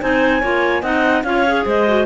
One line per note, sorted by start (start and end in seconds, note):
0.00 0.43 C4
0.00 0.41 D#4
0.00 0.41 C5
0.00 0.82 G#5
0.41 0.82 A#3
0.41 0.82 F4
0.41 0.82 C#5
0.82 1.23 C4
0.82 1.23 D#4
0.82 1.23 D#5
0.82 1.23 F#5
1.23 1.65 C#4
1.23 1.45 F4
1.23 1.66 C#5
1.23 1.64 F5
1.46 1.87 G#4
1.65 2.06 G#3
1.65 2.06 C5
1.65 2.06 D#5
1.87 2.06 F#4